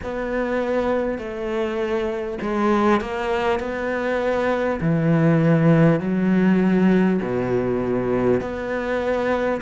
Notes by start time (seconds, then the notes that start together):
0.03 B3
1.18 A3
2.41 G#3
3.00 A#3
3.59 B3
4.81 E3
5.99 F#3
7.22 B2
8.40 B3